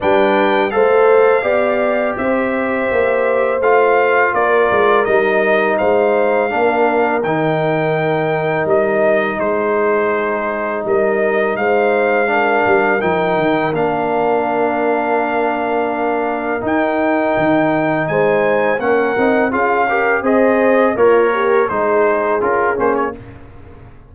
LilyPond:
<<
  \new Staff \with { instrumentName = "trumpet" } { \time 4/4 \tempo 4 = 83 g''4 f''2 e''4~ | e''4 f''4 d''4 dis''4 | f''2 g''2 | dis''4 c''2 dis''4 |
f''2 g''4 f''4~ | f''2. g''4~ | g''4 gis''4 fis''4 f''4 | dis''4 cis''4 c''4 ais'8 c''16 cis''16 | }
  \new Staff \with { instrumentName = "horn" } { \time 4/4 b'4 c''4 d''4 c''4~ | c''2 ais'2 | c''4 ais'2.~ | ais'4 gis'2 ais'4 |
c''4 ais'2.~ | ais'1~ | ais'4 c''4 ais'4 gis'8 ais'8 | c''4 f'8 g'8 gis'2 | }
  \new Staff \with { instrumentName = "trombone" } { \time 4/4 d'4 a'4 g'2~ | g'4 f'2 dis'4~ | dis'4 d'4 dis'2~ | dis'1~ |
dis'4 d'4 dis'4 d'4~ | d'2. dis'4~ | dis'2 cis'8 dis'8 f'8 g'8 | gis'4 ais'4 dis'4 f'8 cis'8 | }
  \new Staff \with { instrumentName = "tuba" } { \time 4/4 g4 a4 b4 c'4 | ais4 a4 ais8 gis8 g4 | gis4 ais4 dis2 | g4 gis2 g4 |
gis4. g8 f8 dis8 ais4~ | ais2. dis'4 | dis4 gis4 ais8 c'8 cis'4 | c'4 ais4 gis4 cis'8 ais8 | }
>>